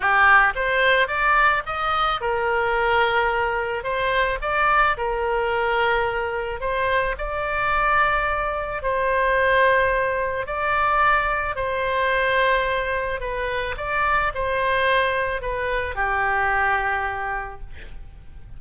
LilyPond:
\new Staff \with { instrumentName = "oboe" } { \time 4/4 \tempo 4 = 109 g'4 c''4 d''4 dis''4 | ais'2. c''4 | d''4 ais'2. | c''4 d''2. |
c''2. d''4~ | d''4 c''2. | b'4 d''4 c''2 | b'4 g'2. | }